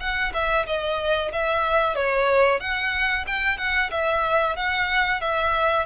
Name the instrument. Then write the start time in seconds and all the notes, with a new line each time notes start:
violin
0.00 F#5
0.34 E5
0.67 D#5
1.33 E5
1.96 C#5
2.60 F#5
3.27 G5
3.58 F#5
3.91 E5
4.56 F#5
5.21 E5